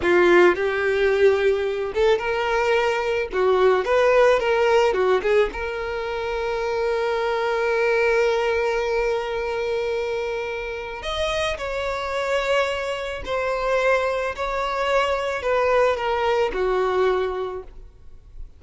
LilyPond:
\new Staff \with { instrumentName = "violin" } { \time 4/4 \tempo 4 = 109 f'4 g'2~ g'8 a'8 | ais'2 fis'4 b'4 | ais'4 fis'8 gis'8 ais'2~ | ais'1~ |
ais'1 | dis''4 cis''2. | c''2 cis''2 | b'4 ais'4 fis'2 | }